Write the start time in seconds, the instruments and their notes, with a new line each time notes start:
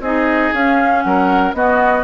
0.00 bassoon C4, clarinet D#4, oboe G#4, flute D#5
0.54 bassoon C#4, clarinet C#4, flute F5
1.02 bassoon F#3, oboe A#4, flute F#5
1.54 bassoon B3, clarinet B3, oboe F#4, flute D#5